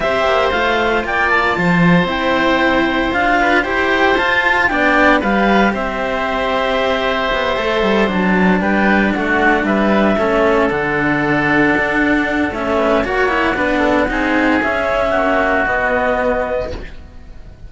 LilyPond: <<
  \new Staff \with { instrumentName = "clarinet" } { \time 4/4 \tempo 4 = 115 e''4 f''4 g''8 a''4. | g''2 f''4 g''4 | a''4 g''4 f''4 e''4~ | e''2.~ e''8 a''8~ |
a''8 g''4 fis''4 e''4.~ | e''8 fis''2.~ fis''8 | e''4 fis''2. | e''2 dis''2 | }
  \new Staff \with { instrumentName = "oboe" } { \time 4/4 c''2 d''4 c''4~ | c''2~ c''8 b'8 c''4~ | c''4 d''4 b'4 c''4~ | c''1~ |
c''8 b'4 fis'4 b'4 a'8~ | a'1~ | a'8 b'8 cis''4 b'8 a'8 gis'4~ | gis'4 fis'2. | }
  \new Staff \with { instrumentName = "cello" } { \time 4/4 g'4 f'2. | e'2 f'4 g'4 | f'4 d'4 g'2~ | g'2~ g'8 a'4 d'8~ |
d'2.~ d'8 cis'8~ | cis'8 d'2.~ d'8 | cis'4 fis'8 e'8 d'4 dis'4 | cis'2 b2 | }
  \new Staff \with { instrumentName = "cello" } { \time 4/4 c'8 ais8 a4 ais4 f4 | c'2 d'4 e'4 | f'4 b4 g4 c'4~ | c'2 b8 a8 g8 fis8~ |
fis8 g4 a4 g4 a8~ | a8 d2 d'4. | a4 ais4 b4 c'4 | cis'4 ais4 b2 | }
>>